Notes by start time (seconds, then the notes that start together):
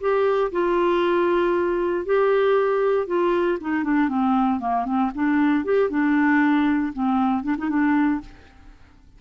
0.00 G4
0.52 F4
2.05 G4
3.07 F4
3.61 D#4
3.84 D4
4.09 C4
4.60 A#3
4.85 C4
5.15 D4
5.65 G4
5.90 D4
6.93 C4
7.43 D4
7.58 D#4
7.69 D4